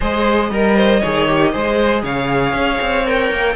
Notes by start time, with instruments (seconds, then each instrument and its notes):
0.00 cello G#3, viola G#4, violin C5 D#5
0.50 cello G3, viola A#4, violin A#4
0.76 violin C5
1.00 cello D#3, viola G#4, violin C#5
1.27 viola G4
1.51 cello G#3, viola G#4, violin C5
2.03 cello C#3, violin C#5 F5
2.53 cello C#4
2.80 cello C4
3.06 viola A#4, violin G5
3.31 cello A#3